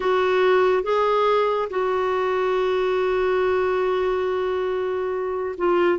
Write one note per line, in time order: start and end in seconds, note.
0.00 0.83 F#4
0.83 1.69 G#4
1.69 5.55 F#4
5.57 5.98 F4